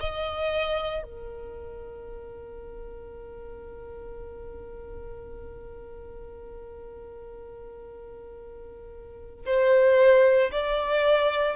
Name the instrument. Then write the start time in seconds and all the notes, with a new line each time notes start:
violin
0.00 D#5
1.03 A#4
9.45 C5
10.52 D5